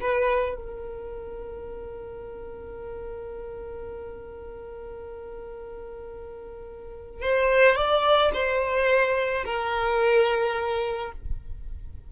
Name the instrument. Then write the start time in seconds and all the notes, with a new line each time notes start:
violin
0.00 B4
0.55 A#4
7.21 C5
7.75 D5
8.33 C5
9.45 A#4